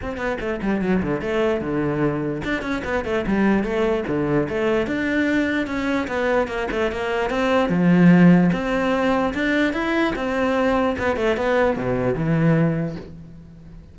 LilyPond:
\new Staff \with { instrumentName = "cello" } { \time 4/4 \tempo 4 = 148 c'8 b8 a8 g8 fis8 d8 a4 | d2 d'8 cis'8 b8 a8 | g4 a4 d4 a4 | d'2 cis'4 b4 |
ais8 a8 ais4 c'4 f4~ | f4 c'2 d'4 | e'4 c'2 b8 a8 | b4 b,4 e2 | }